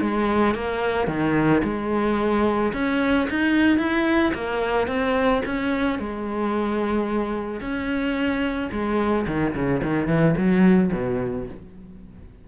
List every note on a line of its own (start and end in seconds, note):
0.00 0.54 G#3
0.54 1.07 A#3
1.07 1.61 D#3
1.63 2.72 G#3
2.73 3.27 C#4
3.29 3.78 D#4
3.78 4.32 E4
4.34 4.87 A#3
4.87 5.42 C4
5.45 5.99 C#4
5.99 7.60 G#3
7.60 8.69 C#4
8.71 9.26 G#3
9.27 9.54 D#3
9.54 9.81 C#3
9.83 10.07 D#3
10.07 10.34 E3
10.37 10.91 F#3
10.92 11.47 B2